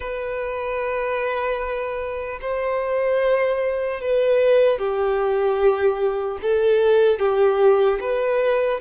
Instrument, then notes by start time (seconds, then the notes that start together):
violin
0.00 B4
2.41 C5
4.00 B4
4.78 G4
6.42 A4
7.19 G4
8.00 B4